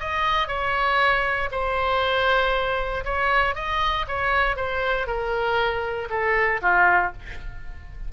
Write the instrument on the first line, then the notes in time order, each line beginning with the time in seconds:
oboe
0.00 D#5
0.48 C#5
1.52 C5
3.05 C#5
3.55 D#5
4.08 C#5
4.56 C5
5.07 A#4
6.10 A4
6.62 F4